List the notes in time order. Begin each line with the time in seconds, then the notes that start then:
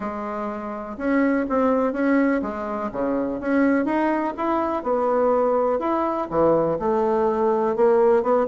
0.00 G#3
0.97 C#4
1.49 C4
1.92 C#4
2.42 G#3
2.92 C#3
3.40 C#4
3.85 D#4
4.37 E4
4.83 B3
5.79 E4
6.30 E3
6.79 A3
7.76 A#3
8.22 B3